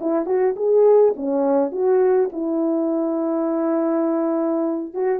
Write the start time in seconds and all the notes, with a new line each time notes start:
0.00 E4
0.25 F#4
0.56 G#4
1.16 C#4
1.71 F#4
2.32 E4
4.94 F#4